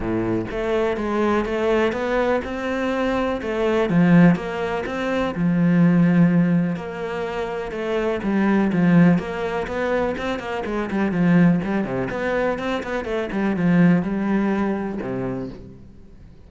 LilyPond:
\new Staff \with { instrumentName = "cello" } { \time 4/4 \tempo 4 = 124 a,4 a4 gis4 a4 | b4 c'2 a4 | f4 ais4 c'4 f4~ | f2 ais2 |
a4 g4 f4 ais4 | b4 c'8 ais8 gis8 g8 f4 | g8 c8 b4 c'8 b8 a8 g8 | f4 g2 c4 | }